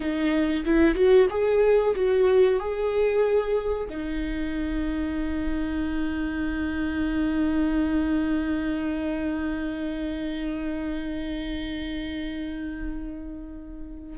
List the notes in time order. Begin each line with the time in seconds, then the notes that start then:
0.00 D#4
0.65 E4
0.94 F#4
1.30 G#4
1.95 F#4
2.59 G#4
3.89 D#4